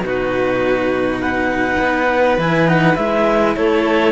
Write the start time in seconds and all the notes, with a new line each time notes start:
0.00 B2 D#4 F#4
0.06 B4
1.20 B4 F#5
1.79 B3
2.38 E3 E4 G#5
2.66 D#4 F#5
2.96 G#3 E4 E5
3.56 A3 A4 C#5